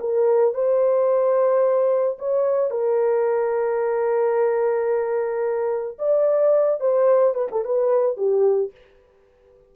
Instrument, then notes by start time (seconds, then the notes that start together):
horn
0.00 A#4
0.54 C5
2.18 C#5
2.70 A#4
5.99 D5
6.80 C5
7.34 B4
7.51 A4
7.65 B4
8.17 G4